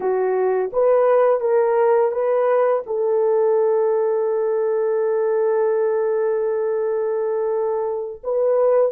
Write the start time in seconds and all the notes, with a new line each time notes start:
0.00 F#4
0.72 B4
1.40 A#4
2.11 B4
2.86 A4
8.23 B4